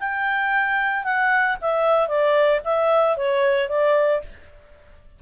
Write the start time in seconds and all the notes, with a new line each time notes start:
0.00 G5
1.05 F#5
1.61 E5
2.08 D5
2.65 E5
3.17 C#5
3.69 D5